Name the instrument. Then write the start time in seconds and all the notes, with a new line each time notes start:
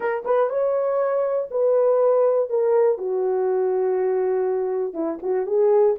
horn
0.00 A#4
0.24 B4
0.49 C#5
1.51 B4
2.49 A#4
2.98 F#4
4.93 E4
5.22 F#4
5.46 G#4